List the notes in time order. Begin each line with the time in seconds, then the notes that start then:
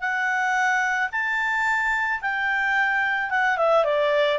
0.00 F#5
1.12 A5
2.21 G5
3.30 F#5
3.57 E5
3.85 D5